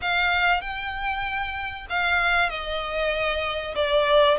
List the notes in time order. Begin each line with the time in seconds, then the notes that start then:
0.01 F5
0.61 G5
1.89 F5
2.49 D#5
3.75 D5